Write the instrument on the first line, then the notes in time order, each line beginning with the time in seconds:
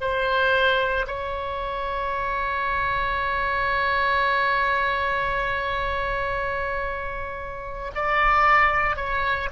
oboe
0.00 C5
1.07 C#5
7.95 D5
8.96 C#5